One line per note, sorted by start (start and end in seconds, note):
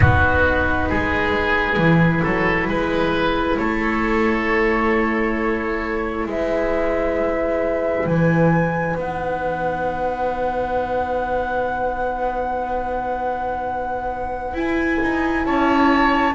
0.00 0.89 B3
0.00 1.79 D#4
0.00 0.89 F#4
0.00 3.57 B4
0.89 1.77 G#3
0.89 2.23 G#4
1.77 2.22 E3
1.77 8.97 E4
2.23 2.67 F#3
2.23 2.67 A4
2.67 3.57 G#3
2.67 3.58 B4
3.57 6.26 A3
3.57 6.27 A4
3.57 6.26 C#5
6.26 8.05 G#3
6.26 15.45 B4
6.26 8.06 E5
8.05 8.95 E3
8.05 8.96 G#5
8.95 14.53 B3
8.95 14.54 D#4
8.95 14.57 F#5
14.53 14.98 E4
14.53 16.33 E4
14.53 15.44 G#5
15.02 15.46 D#4
15.44 16.34 C#4
15.44 16.34 C#5
15.44 16.34 A5